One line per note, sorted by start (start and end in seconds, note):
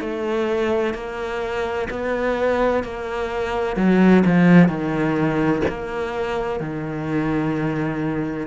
0.00 0.94 A3
0.94 1.87 A#3
1.90 2.83 B3
2.83 3.76 A#3
3.76 4.23 F#3
4.25 4.68 F3
4.68 5.62 D#3
5.68 6.60 A#3
6.60 8.47 D#3